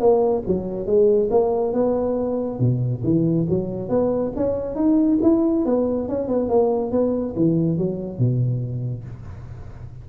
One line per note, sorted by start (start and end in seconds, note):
0.00 0.43 A#3
0.47 0.86 F#3
0.86 1.29 G#3
1.31 1.73 A#3
1.73 2.60 B3
2.60 3.03 B2
3.04 3.47 E3
3.49 3.89 F#3
3.89 4.32 B3
4.37 4.76 C#4
4.76 5.19 D#4
5.22 5.66 E4
5.66 6.09 B3
6.09 6.28 C#4
6.28 6.49 B3
6.49 6.92 A#3
6.92 7.35 B3
7.37 7.78 E3
7.78 8.19 F#3
8.19 9.05 B2